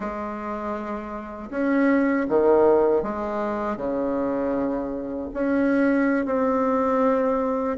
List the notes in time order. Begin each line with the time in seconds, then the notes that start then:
0.00 G#3
1.50 C#4
2.28 D#3
3.02 G#3
3.77 C#3
5.33 C#4
6.25 C4